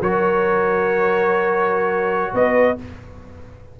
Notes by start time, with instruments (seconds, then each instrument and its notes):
0.00 tuba F#3, trombone F#4, horn A#4, trumpet C#5
2.34 tuba B3, horn B4, trumpet D#5